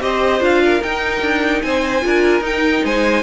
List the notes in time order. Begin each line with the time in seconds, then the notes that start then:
0.00 C4 G4 C5 D#5
0.40 D4 F4 F5
0.63 A#4
0.82 D#4 G5
1.21 D4
1.62 C4 C5 G#5
2.01 D4 F4 A#4
2.41 D#4 G5
2.84 G#3 C5 G#5